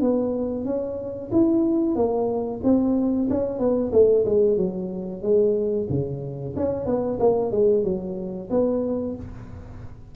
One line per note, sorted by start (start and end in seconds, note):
0.00 0.65 B3
0.65 1.30 C#4
1.31 1.95 E4
1.95 2.60 A#3
2.63 3.28 C4
3.30 3.58 C#4
3.58 3.91 B3
3.92 4.25 A3
4.25 4.57 G#3
4.57 5.22 F#3
5.22 5.87 G#3
5.89 6.54 C#3
6.56 6.85 C#4
6.85 7.18 B3
7.19 7.51 A#3
7.51 7.83 G#3
7.83 8.48 F#3
8.50 9.15 B3